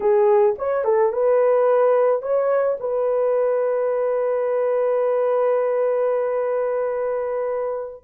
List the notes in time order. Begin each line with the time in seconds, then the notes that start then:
0.00 G#4
0.58 C#5
0.84 A4
1.12 B4
2.22 C#5
2.80 B4